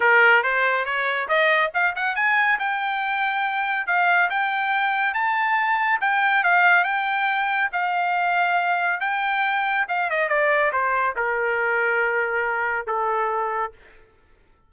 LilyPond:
\new Staff \with { instrumentName = "trumpet" } { \time 4/4 \tempo 4 = 140 ais'4 c''4 cis''4 dis''4 | f''8 fis''8 gis''4 g''2~ | g''4 f''4 g''2 | a''2 g''4 f''4 |
g''2 f''2~ | f''4 g''2 f''8 dis''8 | d''4 c''4 ais'2~ | ais'2 a'2 | }